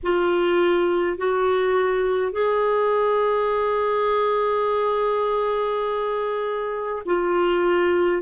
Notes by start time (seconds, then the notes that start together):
0.03 F4
1.17 F#4
2.32 G#4
7.05 F4